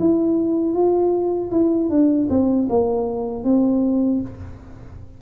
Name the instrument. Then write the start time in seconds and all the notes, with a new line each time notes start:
tuba
0.00 E4
0.74 F4
1.51 E4
1.90 D4
2.30 C4
2.70 A#3
3.44 C4